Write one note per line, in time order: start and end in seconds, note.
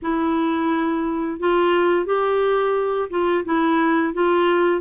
0.02 1.39 E4
1.39 2.05 F4
2.05 3.09 G4
3.10 3.44 F4
3.45 4.13 E4
4.13 4.81 F4